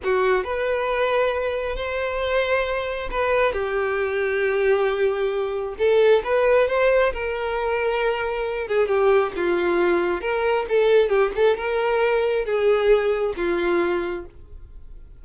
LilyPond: \new Staff \with { instrumentName = "violin" } { \time 4/4 \tempo 4 = 135 fis'4 b'2. | c''2. b'4 | g'1~ | g'4 a'4 b'4 c''4 |
ais'2.~ ais'8 gis'8 | g'4 f'2 ais'4 | a'4 g'8 a'8 ais'2 | gis'2 f'2 | }